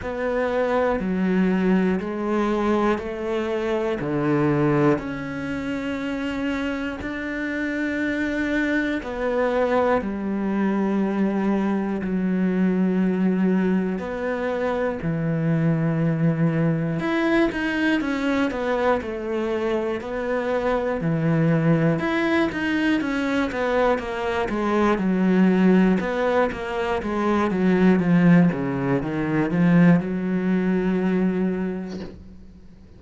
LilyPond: \new Staff \with { instrumentName = "cello" } { \time 4/4 \tempo 4 = 60 b4 fis4 gis4 a4 | d4 cis'2 d'4~ | d'4 b4 g2 | fis2 b4 e4~ |
e4 e'8 dis'8 cis'8 b8 a4 | b4 e4 e'8 dis'8 cis'8 b8 | ais8 gis8 fis4 b8 ais8 gis8 fis8 | f8 cis8 dis8 f8 fis2 | }